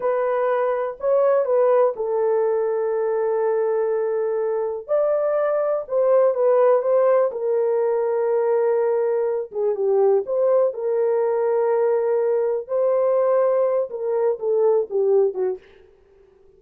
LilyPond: \new Staff \with { instrumentName = "horn" } { \time 4/4 \tempo 4 = 123 b'2 cis''4 b'4 | a'1~ | a'2 d''2 | c''4 b'4 c''4 ais'4~ |
ais'2.~ ais'8 gis'8 | g'4 c''4 ais'2~ | ais'2 c''2~ | c''8 ais'4 a'4 g'4 fis'8 | }